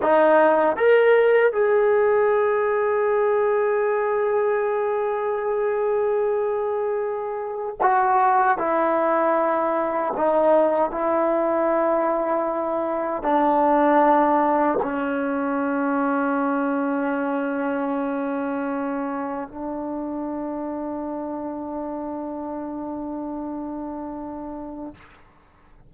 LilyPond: \new Staff \with { instrumentName = "trombone" } { \time 4/4 \tempo 4 = 77 dis'4 ais'4 gis'2~ | gis'1~ | gis'2 fis'4 e'4~ | e'4 dis'4 e'2~ |
e'4 d'2 cis'4~ | cis'1~ | cis'4 d'2.~ | d'1 | }